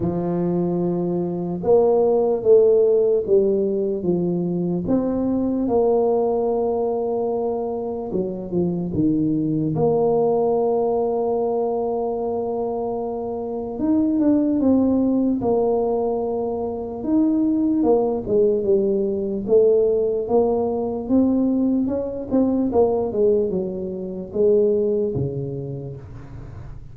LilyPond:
\new Staff \with { instrumentName = "tuba" } { \time 4/4 \tempo 4 = 74 f2 ais4 a4 | g4 f4 c'4 ais4~ | ais2 fis8 f8 dis4 | ais1~ |
ais4 dis'8 d'8 c'4 ais4~ | ais4 dis'4 ais8 gis8 g4 | a4 ais4 c'4 cis'8 c'8 | ais8 gis8 fis4 gis4 cis4 | }